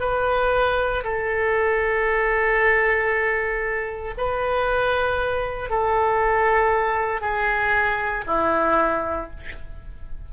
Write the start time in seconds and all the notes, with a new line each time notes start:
0.00 B4
1.04 A4
4.18 B4
5.70 A4
7.21 G#4
8.27 E4